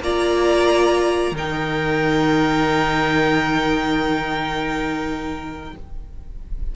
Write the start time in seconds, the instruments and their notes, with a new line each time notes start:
0.00 cello A#3, viola F4, violin D5 A#5
1.31 cello D#3, viola D#4, violin A#4
1.37 violin G5